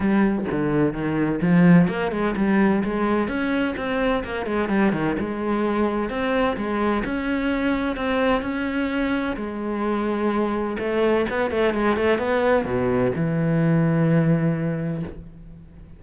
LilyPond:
\new Staff \with { instrumentName = "cello" } { \time 4/4 \tempo 4 = 128 g4 d4 dis4 f4 | ais8 gis8 g4 gis4 cis'4 | c'4 ais8 gis8 g8 dis8 gis4~ | gis4 c'4 gis4 cis'4~ |
cis'4 c'4 cis'2 | gis2. a4 | b8 a8 gis8 a8 b4 b,4 | e1 | }